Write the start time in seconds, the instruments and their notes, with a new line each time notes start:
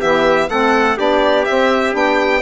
0.00 bassoon E3, saxophone B3, trumpet G4, violin E5
0.49 bassoon A3, saxophone C4, trumpet A4, violin F#5
0.97 bassoon B3, saxophone D4, trumpet G4, violin D5
1.45 saxophone C4, bassoon C4, violin E5
1.92 bassoon B3, saxophone D4, violin G5